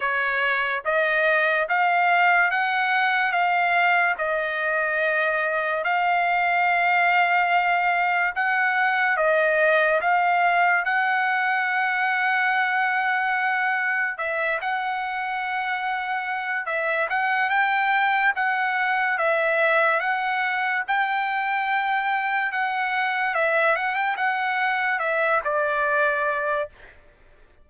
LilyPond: \new Staff \with { instrumentName = "trumpet" } { \time 4/4 \tempo 4 = 72 cis''4 dis''4 f''4 fis''4 | f''4 dis''2 f''4~ | f''2 fis''4 dis''4 | f''4 fis''2.~ |
fis''4 e''8 fis''2~ fis''8 | e''8 fis''8 g''4 fis''4 e''4 | fis''4 g''2 fis''4 | e''8 fis''16 g''16 fis''4 e''8 d''4. | }